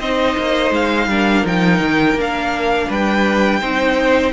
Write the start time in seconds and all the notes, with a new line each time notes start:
0.00 C4 D#4 C5 D#5
0.38 A#3
0.71 G#3 F5
1.07 G3 D4 A#4
1.45 F3 D#4 G5
1.80 D#3
2.14 A#3 D4
2.21 F5
2.88 G3 B4 G5
3.61 C4 D#4 C5